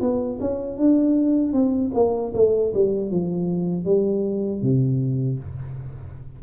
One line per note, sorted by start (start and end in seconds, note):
0.00 0.38 B3
0.40 0.77 C#4
0.77 1.52 D4
1.52 1.91 C4
1.93 2.32 A#3
2.34 2.72 A3
2.73 3.10 G3
3.10 3.85 F3
3.85 4.62 G3
4.62 5.38 C3